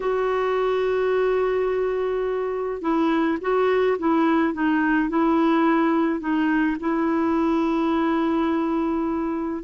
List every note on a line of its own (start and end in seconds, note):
0.00 2.81 F#4
2.81 3.38 E4
3.41 3.97 F#4
3.98 4.53 E4
4.53 5.09 D#4
5.09 6.20 E4
6.20 6.76 D#4
6.80 9.63 E4